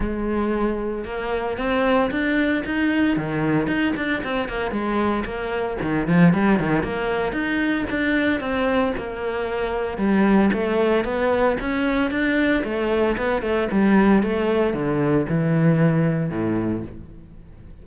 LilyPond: \new Staff \with { instrumentName = "cello" } { \time 4/4 \tempo 4 = 114 gis2 ais4 c'4 | d'4 dis'4 dis4 dis'8 d'8 | c'8 ais8 gis4 ais4 dis8 f8 | g8 dis8 ais4 dis'4 d'4 |
c'4 ais2 g4 | a4 b4 cis'4 d'4 | a4 b8 a8 g4 a4 | d4 e2 a,4 | }